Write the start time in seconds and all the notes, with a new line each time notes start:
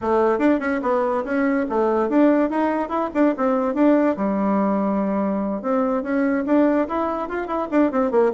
0.01 A3
0.38 D4
0.59 C#4
0.82 B3
1.24 C#4
1.69 A3
2.09 D4
2.50 D#4
2.88 E4
3.14 D4
3.37 C4
3.74 D4
4.17 G3
5.62 C4
6.02 C#4
6.46 D4
6.88 E4
7.28 F4
7.47 E4
7.71 D4
7.91 C4
8.11 A#3